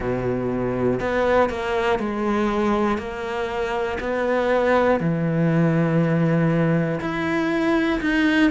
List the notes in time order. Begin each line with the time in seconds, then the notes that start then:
0.00 B2
1.00 B3
1.49 A#3
1.99 G#3
2.98 A#3
4.00 B3
5.00 E3
7.00 E4
8.00 D#4